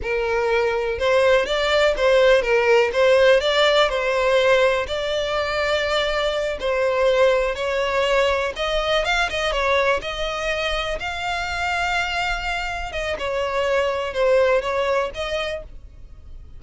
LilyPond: \new Staff \with { instrumentName = "violin" } { \time 4/4 \tempo 4 = 123 ais'2 c''4 d''4 | c''4 ais'4 c''4 d''4 | c''2 d''2~ | d''4. c''2 cis''8~ |
cis''4. dis''4 f''8 dis''8 cis''8~ | cis''8 dis''2 f''4.~ | f''2~ f''8 dis''8 cis''4~ | cis''4 c''4 cis''4 dis''4 | }